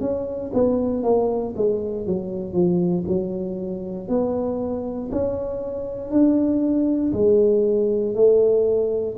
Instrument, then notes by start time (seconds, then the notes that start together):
tuba
0.00 C#4
0.53 B3
1.03 A#3
1.56 G#3
2.06 F#3
2.53 F3
3.07 F#3
4.08 B3
5.11 C#4
6.10 D4
7.13 G#3
8.14 A3